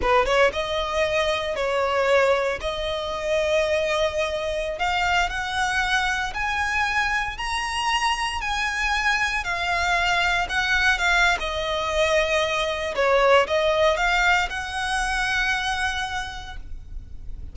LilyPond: \new Staff \with { instrumentName = "violin" } { \time 4/4 \tempo 4 = 116 b'8 cis''8 dis''2 cis''4~ | cis''4 dis''2.~ | dis''4~ dis''16 f''4 fis''4.~ fis''16~ | fis''16 gis''2 ais''4.~ ais''16~ |
ais''16 gis''2 f''4.~ f''16~ | f''16 fis''4 f''8. dis''2~ | dis''4 cis''4 dis''4 f''4 | fis''1 | }